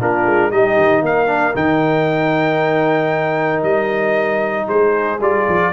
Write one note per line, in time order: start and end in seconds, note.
0.00 0.26 A#3
0.00 0.52 D4
0.00 0.51 F4
0.00 0.51 A#4
0.26 0.52 G#3
0.51 0.77 G3
0.51 1.27 D#4
0.51 1.03 G4
0.51 1.03 D#5
0.77 1.02 D#3
1.02 1.54 A#3
1.02 4.67 A#4
1.02 1.56 F5
1.27 1.54 D4
1.54 3.63 D#3
1.54 5.19 D#4
1.54 3.63 G5
3.63 4.67 G3
3.63 4.68 D#5
4.67 5.20 G#3
4.67 5.72 G#4
4.67 5.21 C5
5.20 5.46 G3
5.20 5.73 F4
5.20 5.74 D5
5.48 5.74 F3